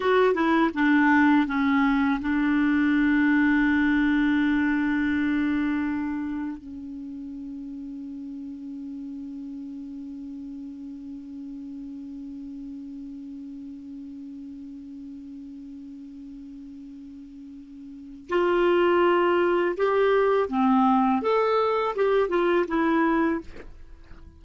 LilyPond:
\new Staff \with { instrumentName = "clarinet" } { \time 4/4 \tempo 4 = 82 fis'8 e'8 d'4 cis'4 d'4~ | d'1~ | d'4 cis'2.~ | cis'1~ |
cis'1~ | cis'1~ | cis'4 f'2 g'4 | c'4 a'4 g'8 f'8 e'4 | }